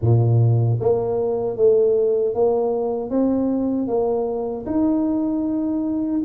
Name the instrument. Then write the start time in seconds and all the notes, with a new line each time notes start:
tuba
0.01 A#2
0.80 A#3
1.56 A3
2.34 A#3
3.10 C4
3.87 A#3
4.65 D#4